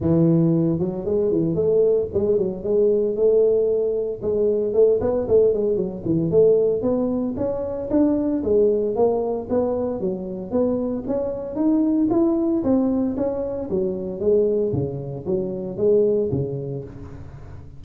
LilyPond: \new Staff \with { instrumentName = "tuba" } { \time 4/4 \tempo 4 = 114 e4. fis8 gis8 e8 a4 | gis8 fis8 gis4 a2 | gis4 a8 b8 a8 gis8 fis8 e8 | a4 b4 cis'4 d'4 |
gis4 ais4 b4 fis4 | b4 cis'4 dis'4 e'4 | c'4 cis'4 fis4 gis4 | cis4 fis4 gis4 cis4 | }